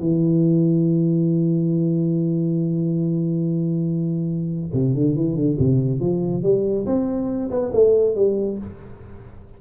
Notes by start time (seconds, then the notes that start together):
0.00 E3
4.74 C3
4.95 D3
5.16 E3
5.36 D3
5.59 C3
6.00 F3
6.43 G3
6.86 C4
7.51 B3
7.73 A3
8.15 G3